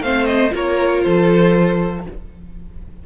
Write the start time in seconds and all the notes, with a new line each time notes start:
0.00 A3 C4 C5 F5
0.25 D#5
0.50 A#3 F4 A#4 C#5
1.02 F3 A4 C5